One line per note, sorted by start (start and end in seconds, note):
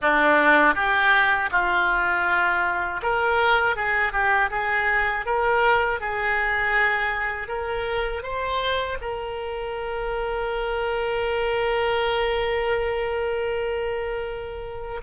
0.01 0.75 D4
0.75 1.50 G4
1.51 3.01 F4
3.02 3.75 A#4
3.75 4.12 G#4
4.12 4.50 G4
4.50 5.25 G#4
5.25 6.00 A#4
6.00 7.48 G#4
7.48 8.22 A#4
8.22 8.97 C5
9.01 15.01 A#4